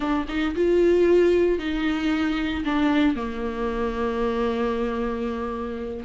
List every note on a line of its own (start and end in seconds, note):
0.00 0.26 D4
0.28 0.55 D#4
0.55 1.58 F4
1.58 2.64 D#4
2.65 3.15 D4
3.15 6.04 A#3